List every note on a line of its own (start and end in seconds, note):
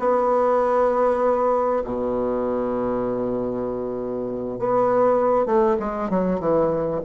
0.00 1.84 B3
1.85 4.59 B2
4.59 5.46 B3
5.46 5.77 A3
5.80 6.10 G#3
6.10 6.40 F#3
6.40 7.01 E3